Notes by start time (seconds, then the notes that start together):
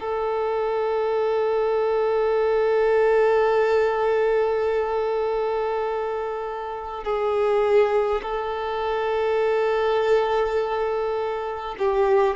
0.00 A4
7.04 G#4
8.22 A4
11.79 G4